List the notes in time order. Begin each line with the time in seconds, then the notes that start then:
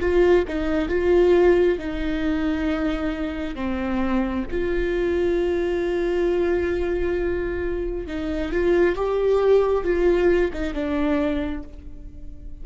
0.00 F4
0.48 D#4
0.89 F4
1.79 D#4
3.55 C4
4.51 F4
8.07 D#4
8.52 F4
8.96 G4
9.84 F4
10.53 D#4
10.74 D4